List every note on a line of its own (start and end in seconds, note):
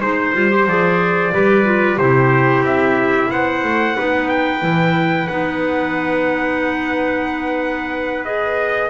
0.00 0.33 G#3
0.00 0.34 D#4
0.00 0.67 C5
0.00 1.34 C5
0.34 0.67 G3
0.34 0.50 F4
0.50 0.66 G4
0.67 1.33 F3
0.67 1.33 G#4
0.67 1.98 D5
1.33 1.98 G3
1.33 1.65 G4
1.33 1.99 B4
1.65 1.98 F4
1.98 2.61 C3
1.98 3.97 E4
1.98 3.31 G4
1.98 2.64 C5
2.61 3.27 C4
2.61 3.31 E5
3.31 3.64 B3
3.31 3.96 C5
3.31 4.29 F#5
3.64 3.97 A3
3.96 4.62 B3
3.96 4.61 D#4
3.96 8.90 B4
4.29 5.27 G5
4.61 5.28 E3
4.61 5.27 E4
5.28 8.90 B3
5.28 8.25 D#4
5.28 8.24 F#5
8.25 8.90 G#4
8.25 8.90 D#5